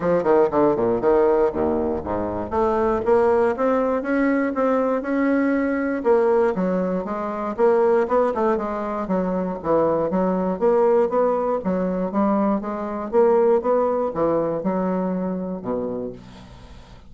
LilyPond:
\new Staff \with { instrumentName = "bassoon" } { \time 4/4 \tempo 4 = 119 f8 dis8 d8 ais,8 dis4 dis,4 | gis,4 a4 ais4 c'4 | cis'4 c'4 cis'2 | ais4 fis4 gis4 ais4 |
b8 a8 gis4 fis4 e4 | fis4 ais4 b4 fis4 | g4 gis4 ais4 b4 | e4 fis2 b,4 | }